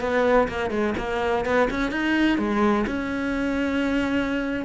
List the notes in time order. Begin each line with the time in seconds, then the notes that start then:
0.00 B3
0.48 A#3
0.70 G#3
0.97 A#3
1.45 B3
1.70 C#4
1.91 D#4
2.38 G#3
2.87 C#4